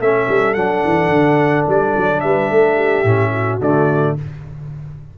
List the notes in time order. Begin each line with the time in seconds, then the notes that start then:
0.00 A3 C#4 A4 E5
0.29 G3
0.54 F#3 D4 F#5
0.85 E3
1.09 D3
1.68 G3 D5
1.98 F#3
2.20 G3 B4 E5
2.51 A3 A4
2.76 G4
3.04 A2 C#4
3.32 F#4
3.61 D3 A3 D5